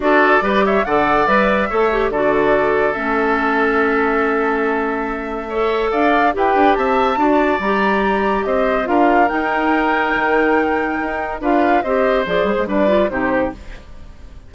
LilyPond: <<
  \new Staff \with { instrumentName = "flute" } { \time 4/4 \tempo 4 = 142 d''4. e''8 fis''4 e''4~ | e''4 d''2 e''4~ | e''1~ | e''2 f''4 g''4 |
a''2 ais''2 | dis''4 f''4 g''2~ | g''2. f''4 | dis''4 d''8 c''8 d''4 c''4 | }
  \new Staff \with { instrumentName = "oboe" } { \time 4/4 a'4 b'8 cis''8 d''2 | cis''4 a'2.~ | a'1~ | a'4 cis''4 d''4 b'4 |
e''4 d''2. | c''4 ais'2.~ | ais'2. b'4 | c''2 b'4 g'4 | }
  \new Staff \with { instrumentName = "clarinet" } { \time 4/4 fis'4 g'4 a'4 b'4 | a'8 g'8 fis'2 cis'4~ | cis'1~ | cis'4 a'2 g'4~ |
g'4 fis'4 g'2~ | g'4 f'4 dis'2~ | dis'2. f'4 | g'4 gis'4 d'8 f'8 dis'4 | }
  \new Staff \with { instrumentName = "bassoon" } { \time 4/4 d'4 g4 d4 g4 | a4 d2 a4~ | a1~ | a2 d'4 e'8 d'8 |
c'4 d'4 g2 | c'4 d'4 dis'2 | dis2 dis'4 d'4 | c'4 f8 g16 gis16 g4 c4 | }
>>